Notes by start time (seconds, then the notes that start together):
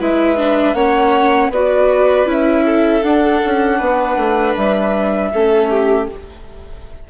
0.00 G#3 E4 B4 E5
0.37 D4
0.74 A#3 C#4 C#5 F#5
1.50 B3 F#4 B4 D5
2.26 C#4 E4 E5
2.66 A4
3.03 D4 F#5
3.46 C#4
3.78 B3 B4
4.17 A3
4.57 G3 E5
5.34 A3 C#4 A4
5.70 G4